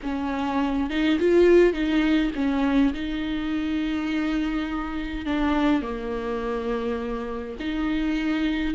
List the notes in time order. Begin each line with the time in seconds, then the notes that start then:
0.02 C#4
0.89 D#4
1.19 F4
1.73 D#4
2.35 C#4
2.93 D#4
5.25 D4
5.82 A#3
7.59 D#4